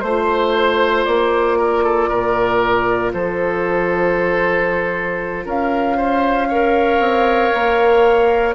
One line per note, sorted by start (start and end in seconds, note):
0.00 1.06 A3
0.00 6.49 F4
0.00 1.03 C5
0.00 1.58 C5
1.04 2.10 A#3
1.04 3.11 D5
1.58 1.83 A#4
1.83 2.09 A4
2.09 3.14 A#2
2.09 3.12 A#4
3.12 5.45 F3
3.12 5.45 A4
3.12 5.45 C5
5.45 6.99 C#4
5.45 5.97 A#4
5.45 8.54 F5
5.97 6.48 C5
6.48 8.54 A#4
6.48 8.54 C#5
6.99 7.51 C4
7.53 8.54 A#3